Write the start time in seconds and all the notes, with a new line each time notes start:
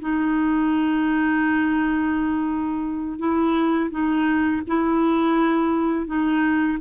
0.00 D#4
3.19 E4
3.91 D#4
4.68 E4
6.07 D#4